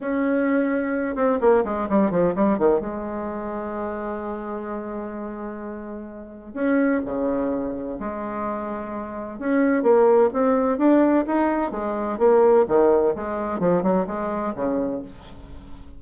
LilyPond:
\new Staff \with { instrumentName = "bassoon" } { \time 4/4 \tempo 4 = 128 cis'2~ cis'8 c'8 ais8 gis8 | g8 f8 g8 dis8 gis2~ | gis1~ | gis2 cis'4 cis4~ |
cis4 gis2. | cis'4 ais4 c'4 d'4 | dis'4 gis4 ais4 dis4 | gis4 f8 fis8 gis4 cis4 | }